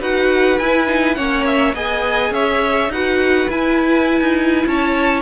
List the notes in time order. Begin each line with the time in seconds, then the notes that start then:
0.00 D#4 F#4 B4 F#5
0.59 E4 G#5
0.87 D#4
1.15 A#3 C#4 C#5 F#5
1.46 E5
1.74 B3 G#4 D#5 G#5
2.31 C#4 C#5 E5
2.89 D#4 F#4 B4 F#5
3.49 E4 G#5
4.21 D#4
4.67 C#4 C#5 A5